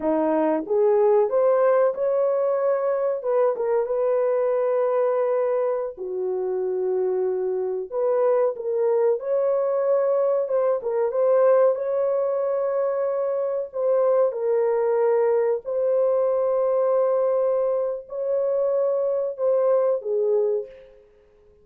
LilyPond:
\new Staff \with { instrumentName = "horn" } { \time 4/4 \tempo 4 = 93 dis'4 gis'4 c''4 cis''4~ | cis''4 b'8 ais'8 b'2~ | b'4~ b'16 fis'2~ fis'8.~ | fis'16 b'4 ais'4 cis''4.~ cis''16~ |
cis''16 c''8 ais'8 c''4 cis''4.~ cis''16~ | cis''4~ cis''16 c''4 ais'4.~ ais'16~ | ais'16 c''2.~ c''8. | cis''2 c''4 gis'4 | }